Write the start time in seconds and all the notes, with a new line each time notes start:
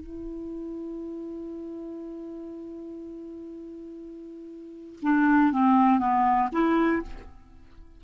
0.00 E4
5.02 D4
5.52 C4
5.99 B3
6.52 E4